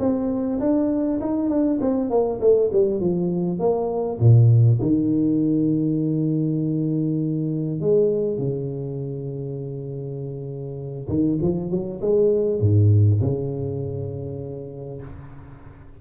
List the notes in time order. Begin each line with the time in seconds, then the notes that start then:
0.00 C4
0.61 D4
1.21 D#4
1.50 D4
1.81 C4
2.11 A#3
2.41 A3
2.73 G3
3.01 F3
3.60 A#3
4.20 A#2
4.82 D#3
7.81 G#3
8.39 C#3
11.09 D#3
11.42 F3
11.71 F#3
12.02 G#3
12.61 G#2
13.22 C#3